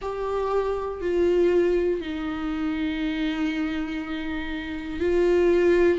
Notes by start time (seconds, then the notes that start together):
0.01 G4
1.00 F4
2.01 D#4
5.00 F4